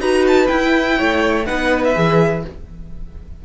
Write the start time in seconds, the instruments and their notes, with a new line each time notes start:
0.00 cello D#4, viola F#4, violin B4 A#5
0.27 violin A5
0.47 viola E4, cello E4, violin G5
0.97 cello A3, violin C#5
1.46 cello B3, viola D#4, violin B4 F#5
1.84 violin E5
1.95 cello E3, viola G#4